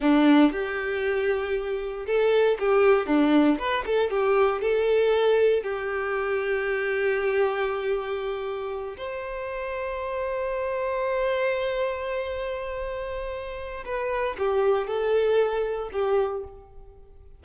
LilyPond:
\new Staff \with { instrumentName = "violin" } { \time 4/4 \tempo 4 = 117 d'4 g'2. | a'4 g'4 d'4 b'8 a'8 | g'4 a'2 g'4~ | g'1~ |
g'4. c''2~ c''8~ | c''1~ | c''2. b'4 | g'4 a'2 g'4 | }